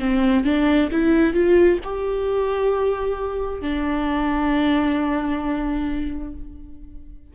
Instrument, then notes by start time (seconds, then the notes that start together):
viola
0.00 C4
0.45 D4
0.92 E4
1.34 F4
1.84 G4
3.62 D4